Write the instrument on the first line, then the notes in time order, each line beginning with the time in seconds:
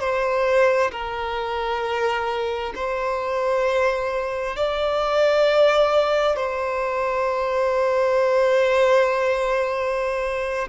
violin
0.00 C5
0.91 A#4
2.75 C5
4.56 D5
6.36 C5